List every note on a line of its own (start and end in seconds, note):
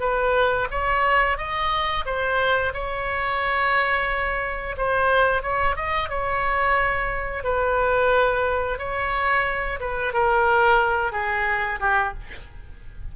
0.00 0.67 B4
0.70 1.37 C#5
1.37 2.05 D#5
2.05 2.73 C5
2.74 4.76 C#5
4.77 5.42 C5
5.42 5.76 C#5
5.76 6.09 D#5
6.09 7.44 C#5
7.44 8.79 B4
8.79 9.80 C#5
9.80 10.13 B4
10.13 11.12 A#4
11.12 11.79 G#4
11.80 12.14 G4